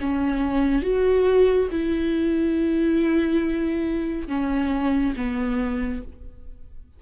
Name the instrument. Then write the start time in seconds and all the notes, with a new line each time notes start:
viola
0.00 C#4
0.82 F#4
1.71 E4
4.27 C#4
5.17 B3